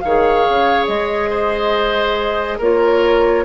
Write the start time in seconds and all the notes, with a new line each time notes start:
0.00 D#3 C#5 F5
0.07 G#4
0.49 C#3
0.87 G#3 D#5
1.30 C5
2.58 A#3 F4 A#4 C#5